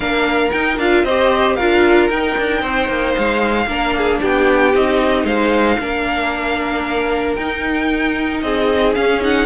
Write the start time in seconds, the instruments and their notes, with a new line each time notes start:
0.00 cello A#3, viola D4, violin A#4 F5
0.51 cello D#4, viola D#4, violin G5
0.78 cello D4, viola F4, violin F5
1.03 cello C4, viola G4, violin C5 D#5
1.55 cello D4, viola F4, violin A#4 F5
2.09 cello D#4, viola D#4, violin G5
2.37 cello D4
2.61 cello C4, violin C5
2.88 cello A#3
3.14 cello G#3, violin F5
3.66 cello A#3, viola D4, violin A#4
3.97 violin G#4
4.20 cello B3, violin G4 G5
4.73 cello C4, viola D#4, violin D#5
5.24 cello G#3, violin C5 F5
5.79 cello A#3, viola D4, violin A#4
7.35 cello D#4, viola D#4, violin G5
8.41 cello C4, violin G#4 D#5
8.94 viola C#4, cello C#4, violin F5
9.20 viola D#4, violin F#5